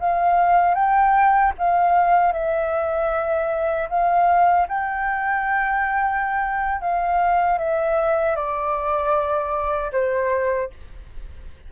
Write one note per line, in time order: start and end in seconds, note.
0.00 0.75 F5
0.75 1.53 G5
1.58 2.33 F5
2.33 3.89 E5
3.90 4.68 F5
4.69 6.81 G5
6.81 7.58 F5
7.58 8.36 E5
8.36 9.92 D5
9.92 10.70 C5